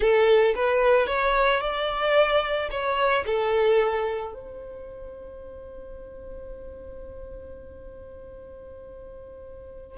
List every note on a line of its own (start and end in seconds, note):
0.00 0.54 A4
0.55 1.07 B4
1.07 1.60 C#5
1.60 2.68 D5
2.71 3.25 C#5
3.26 4.33 A4
4.33 9.97 C5